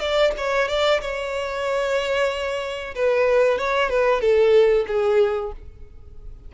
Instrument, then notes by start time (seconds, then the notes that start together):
violin
0.00 D5
0.38 C#5
0.69 D5
1.01 C#5
2.95 B4
3.58 C#5
3.90 B4
4.21 A4
4.88 G#4